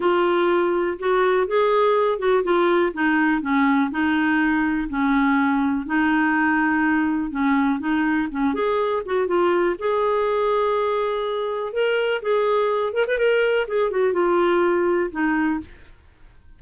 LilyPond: \new Staff \with { instrumentName = "clarinet" } { \time 4/4 \tempo 4 = 123 f'2 fis'4 gis'4~ | gis'8 fis'8 f'4 dis'4 cis'4 | dis'2 cis'2 | dis'2. cis'4 |
dis'4 cis'8 gis'4 fis'8 f'4 | gis'1 | ais'4 gis'4. ais'16 b'16 ais'4 | gis'8 fis'8 f'2 dis'4 | }